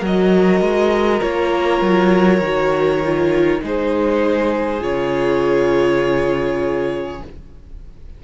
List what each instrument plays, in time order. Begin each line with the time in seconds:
0.00 cello F#3, viola F#4, violin A#4 D#5
0.61 cello G#3
1.21 cello A#3, viola F4, violin C#5
1.81 cello F#3
2.41 cello D#3, viola F#4
3.04 viola F4
3.60 cello G#3, viola D#4, violin G#4 C5
4.80 cello C#3, viola F4, violin C#5